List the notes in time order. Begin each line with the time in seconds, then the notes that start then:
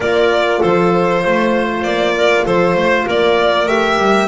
0.00 A#3 F4 A#4 D5
0.60 F3 A4 C5
1.21 A3 C5
1.83 A#3 D5
2.16 A#4
2.45 F3 A4 C5
2.74 A3 C5
3.05 A#3 A#4 D5
3.66 A3 G4 E5
3.97 G3